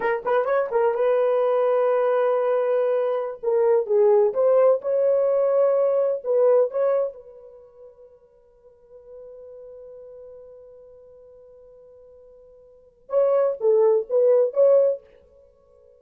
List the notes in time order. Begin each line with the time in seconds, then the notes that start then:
0.00 A#4
0.25 B4
0.45 C#5
0.71 A#4
0.94 B4
3.42 A#4
3.86 G#4
4.33 C5
4.81 C#5
6.23 B4
6.71 C#5
7.13 B4
13.09 C#5
13.60 A4
14.09 B4
14.53 C#5